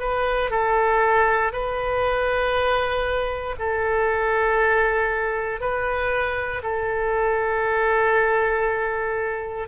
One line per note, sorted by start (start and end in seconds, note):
0.00 0.50 B4
0.50 1.52 A4
1.53 3.56 B4
3.59 5.61 A4
5.61 6.62 B4
6.63 9.68 A4